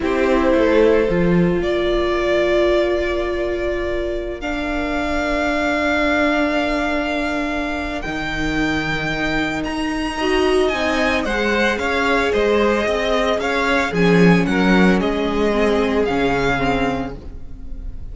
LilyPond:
<<
  \new Staff \with { instrumentName = "violin" } { \time 4/4 \tempo 4 = 112 c''2. d''4~ | d''1~ | d''16 f''2.~ f''8.~ | f''2. g''4~ |
g''2 ais''2 | gis''4 fis''4 f''4 dis''4~ | dis''4 f''4 gis''4 fis''4 | dis''2 f''2 | }
  \new Staff \with { instrumentName = "violin" } { \time 4/4 g'4 a'2 ais'4~ | ais'1~ | ais'1~ | ais'1~ |
ais'2. dis''4~ | dis''4 c''4 cis''4 c''4 | dis''4 cis''4 gis'4 ais'4 | gis'1 | }
  \new Staff \with { instrumentName = "viola" } { \time 4/4 e'2 f'2~ | f'1~ | f'16 d'2.~ d'8.~ | d'2. dis'4~ |
dis'2. fis'4 | dis'4 gis'2.~ | gis'2 cis'2~ | cis'4 c'4 cis'4 c'4 | }
  \new Staff \with { instrumentName = "cello" } { \time 4/4 c'4 a4 f4 ais4~ | ais1~ | ais1~ | ais2. dis4~ |
dis2 dis'2 | c'4 gis4 cis'4 gis4 | c'4 cis'4 f4 fis4 | gis2 cis2 | }
>>